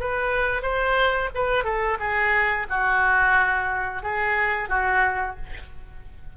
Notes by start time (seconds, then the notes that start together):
0.00 B4
0.62 C5
1.35 B4
1.64 A4
1.99 G#4
2.69 F#4
4.03 G#4
4.69 F#4